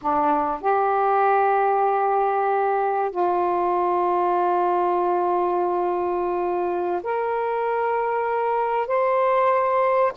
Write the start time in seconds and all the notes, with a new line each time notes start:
0.01 D4
0.61 G4
3.11 F4
7.03 A#4
8.87 C5